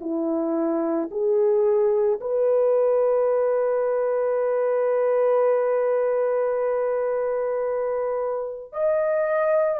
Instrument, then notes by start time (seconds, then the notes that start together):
horn
0.00 E4
1.11 G#4
2.20 B4
8.72 D#5